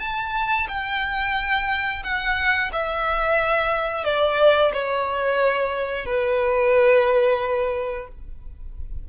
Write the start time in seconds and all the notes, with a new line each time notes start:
0.00 A5
0.68 G5
2.03 F#5
2.73 E5
4.04 D5
4.73 C#5
6.06 B4